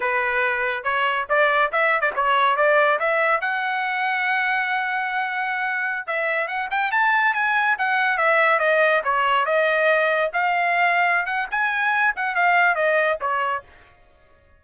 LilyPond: \new Staff \with { instrumentName = "trumpet" } { \time 4/4 \tempo 4 = 141 b'2 cis''4 d''4 | e''8. d''16 cis''4 d''4 e''4 | fis''1~ | fis''2~ fis''16 e''4 fis''8 g''16~ |
g''16 a''4 gis''4 fis''4 e''8.~ | e''16 dis''4 cis''4 dis''4.~ dis''16~ | dis''16 f''2~ f''16 fis''8 gis''4~ | gis''8 fis''8 f''4 dis''4 cis''4 | }